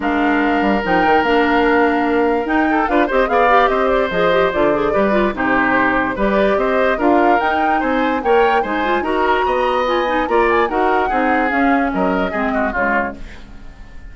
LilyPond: <<
  \new Staff \with { instrumentName = "flute" } { \time 4/4 \tempo 4 = 146 f''2 g''4 f''4~ | f''2 g''4 f''8 dis''8 | f''4 dis''8 d''8 dis''4 d''4~ | d''4 c''2 d''4 |
dis''4 f''4 g''4 gis''4 | g''4 gis''4 ais''2 | gis''4 ais''8 gis''8 fis''2 | f''4 dis''2 cis''4 | }
  \new Staff \with { instrumentName = "oboe" } { \time 4/4 ais'1~ | ais'2~ ais'8 a'8 b'8 c''8 | d''4 c''2. | b'4 g'2 b'4 |
c''4 ais'2 c''4 | cis''4 c''4 ais'4 dis''4~ | dis''4 d''4 ais'4 gis'4~ | gis'4 ais'4 gis'8 fis'8 f'4 | }
  \new Staff \with { instrumentName = "clarinet" } { \time 4/4 d'2 dis'4 d'4~ | d'2 dis'4 f'8 g'8 | gis'8 g'4. gis'8 g'8 f'8 gis'8 | g'8 f'8 dis'2 g'4~ |
g'4 f'4 dis'2 | ais'4 dis'8 f'8 fis'2 | f'8 dis'8 f'4 fis'4 dis'4 | cis'2 c'4 gis4 | }
  \new Staff \with { instrumentName = "bassoon" } { \time 4/4 gis4. g8 f8 dis8 ais4~ | ais2 dis'4 d'8 c'8 | b4 c'4 f4 d4 | g4 c2 g4 |
c'4 d'4 dis'4 c'4 | ais4 gis4 dis'4 b4~ | b4 ais4 dis'4 c'4 | cis'4 fis4 gis4 cis4 | }
>>